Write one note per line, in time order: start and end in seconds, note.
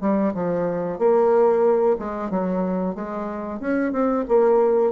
0.00 0.33 G3
0.34 0.98 F3
0.98 1.96 A#3
1.98 2.30 G#3
2.30 2.94 F#3
2.94 3.59 G#3
3.59 3.92 C#4
3.92 4.24 C4
4.28 4.92 A#3